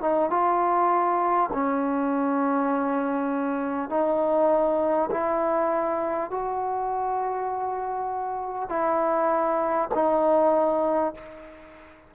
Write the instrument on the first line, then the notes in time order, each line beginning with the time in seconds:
trombone
0.00 D#4
0.29 F4
1.53 C#4
3.89 D#4
5.10 E4
6.30 F#4
8.69 E4
9.94 D#4